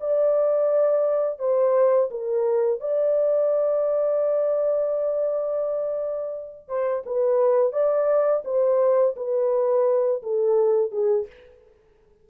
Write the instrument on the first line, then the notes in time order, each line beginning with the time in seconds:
horn
0.00 D5
1.39 C5
2.10 A#4
2.80 D5
6.68 C5
7.06 B4
7.72 D5
8.44 C5
9.16 B4
10.23 A4
10.91 G#4